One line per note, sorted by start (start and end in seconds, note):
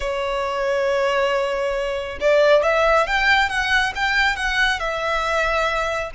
0.00 2.19 C#5
2.20 2.63 D5
2.63 3.06 E5
3.06 3.49 G5
3.49 3.93 F#5
3.95 4.36 G5
4.36 4.79 F#5
4.79 6.11 E5